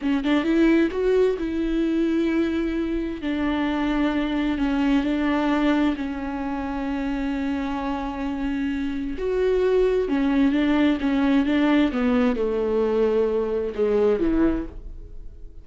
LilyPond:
\new Staff \with { instrumentName = "viola" } { \time 4/4 \tempo 4 = 131 cis'8 d'8 e'4 fis'4 e'4~ | e'2. d'4~ | d'2 cis'4 d'4~ | d'4 cis'2.~ |
cis'1 | fis'2 cis'4 d'4 | cis'4 d'4 b4 a4~ | a2 gis4 e4 | }